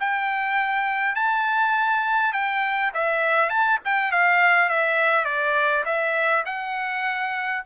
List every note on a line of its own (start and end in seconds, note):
0.00 1.15 G5
1.15 2.33 A5
2.33 2.91 G5
2.94 3.49 E5
3.49 3.79 A5
3.84 4.11 G5
4.11 4.69 F5
4.69 5.25 E5
5.25 5.84 D5
5.85 6.44 E5
6.45 7.63 F#5